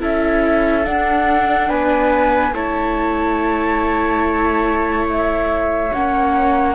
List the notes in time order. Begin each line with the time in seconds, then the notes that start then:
0.00 C#4 E4 A4 E5
0.85 D4 F#5
1.70 B3 B4 G#5
2.53 A3 E4 C#5 A5
5.10 E5
5.94 A#3 C#4 F#5